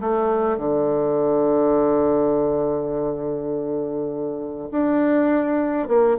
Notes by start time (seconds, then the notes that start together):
0.00 A3
0.57 D3
4.71 D4
5.87 A#3